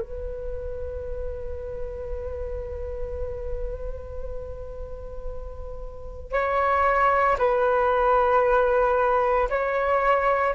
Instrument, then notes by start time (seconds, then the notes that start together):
flute
0.00 B4
6.32 C#5
7.38 B4
9.50 C#5